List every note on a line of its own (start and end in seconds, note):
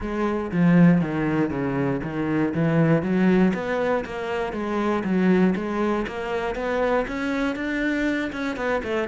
0.00 0.51 G#3
0.51 1.01 F3
1.01 1.50 D#3
1.50 2.00 C#3
2.03 2.53 D#3
2.54 3.02 E3
3.02 3.52 F#3
3.54 4.04 B3
4.05 4.52 A#3
4.52 5.03 G#3
5.04 5.54 F#3
5.55 6.05 G#3
6.07 6.55 A#3
6.55 7.05 B3
7.07 7.55 C#4
7.55 8.31 D4
8.32 8.56 C#4
8.56 8.81 B3
8.83 9.08 A3